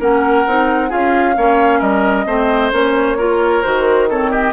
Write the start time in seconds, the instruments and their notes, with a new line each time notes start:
0.00 bassoon A#3, clarinet C#4, oboe A#4, flute F#5
0.47 bassoon C4, clarinet D#4
0.90 bassoon C#4, clarinet F4, oboe G#4, flute F5
1.36 bassoon A#3, clarinet C#4, oboe C#5
1.80 bassoon G3, oboe A#4, flute D#5
2.26 bassoon A3, clarinet C4, oboe C5
2.72 bassoon A#3, clarinet C#4, flute C#5
3.18 clarinet F4, oboe A#4
3.63 bassoon D#3, clarinet F#4, flute C5
4.10 clarinet C4, oboe A4, flute C#5
4.31 oboe G4, flute D#5